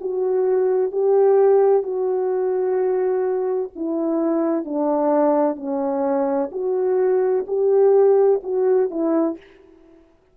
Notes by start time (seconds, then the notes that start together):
0.00 F#4
0.91 G4
1.82 F#4
3.75 E4
4.64 D4
5.56 C#4
6.51 F#4
7.47 G4
8.43 F#4
8.90 E4